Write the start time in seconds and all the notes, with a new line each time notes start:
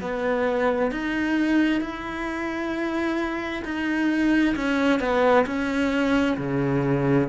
0.00 B3
0.91 D#4
1.81 E4
3.64 D#4
4.55 C#4
5.00 B3
5.46 C#4
6.37 C#3